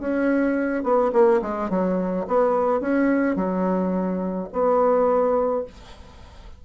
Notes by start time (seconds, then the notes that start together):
0.00 C#4
0.84 B3
1.13 A#3
1.42 G#3
1.70 F#3
2.27 B3
2.81 C#4
3.36 F#3
4.52 B3